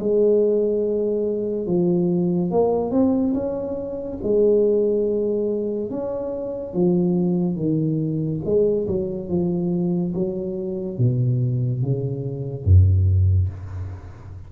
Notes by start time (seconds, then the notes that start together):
0.00 G#3
1.67 F3
2.51 A#3
2.91 C4
3.34 C#4
4.23 G#3
5.90 C#4
6.74 F3
7.56 D#3
8.45 G#3
8.88 F#3
9.29 F3
10.14 F#3
10.98 B2
11.82 C#3
12.65 F#2